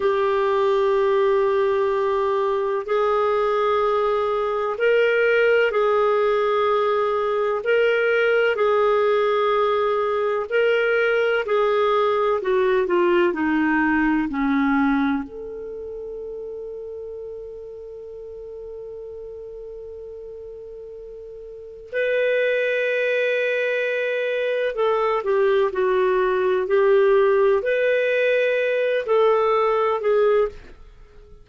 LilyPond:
\new Staff \with { instrumentName = "clarinet" } { \time 4/4 \tempo 4 = 63 g'2. gis'4~ | gis'4 ais'4 gis'2 | ais'4 gis'2 ais'4 | gis'4 fis'8 f'8 dis'4 cis'4 |
a'1~ | a'2. b'4~ | b'2 a'8 g'8 fis'4 | g'4 b'4. a'4 gis'8 | }